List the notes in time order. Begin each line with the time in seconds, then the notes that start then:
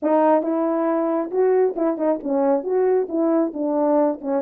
0.02 D#4
0.42 E4
1.30 F#4
1.75 E4
1.97 D#4
2.23 C#4
2.63 F#4
3.08 E4
3.53 D4
4.21 C#4